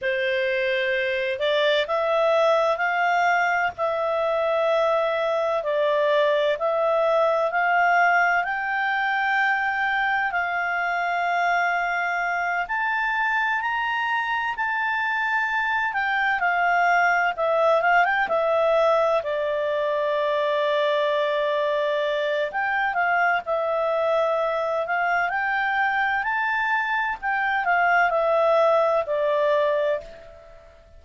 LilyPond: \new Staff \with { instrumentName = "clarinet" } { \time 4/4 \tempo 4 = 64 c''4. d''8 e''4 f''4 | e''2 d''4 e''4 | f''4 g''2 f''4~ | f''4. a''4 ais''4 a''8~ |
a''4 g''8 f''4 e''8 f''16 g''16 e''8~ | e''8 d''2.~ d''8 | g''8 f''8 e''4. f''8 g''4 | a''4 g''8 f''8 e''4 d''4 | }